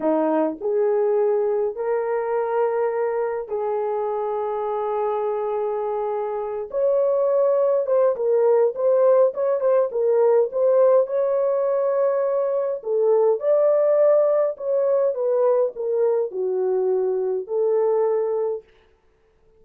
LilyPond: \new Staff \with { instrumentName = "horn" } { \time 4/4 \tempo 4 = 103 dis'4 gis'2 ais'4~ | ais'2 gis'2~ | gis'2.~ gis'8 cis''8~ | cis''4. c''8 ais'4 c''4 |
cis''8 c''8 ais'4 c''4 cis''4~ | cis''2 a'4 d''4~ | d''4 cis''4 b'4 ais'4 | fis'2 a'2 | }